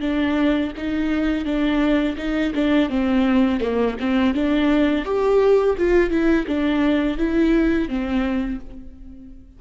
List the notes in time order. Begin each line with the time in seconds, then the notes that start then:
0.00 D4
0.77 D#4
1.44 D4
2.17 D#4
2.54 D4
2.89 C4
3.60 A#3
3.99 C4
4.34 D4
5.05 G4
5.78 F4
6.10 E4
6.46 D4
7.17 E4
7.88 C4